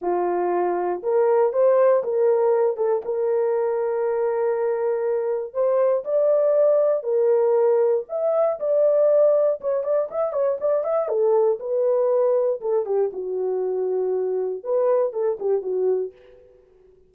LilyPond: \new Staff \with { instrumentName = "horn" } { \time 4/4 \tempo 4 = 119 f'2 ais'4 c''4 | ais'4. a'8 ais'2~ | ais'2. c''4 | d''2 ais'2 |
e''4 d''2 cis''8 d''8 | e''8 cis''8 d''8 e''8 a'4 b'4~ | b'4 a'8 g'8 fis'2~ | fis'4 b'4 a'8 g'8 fis'4 | }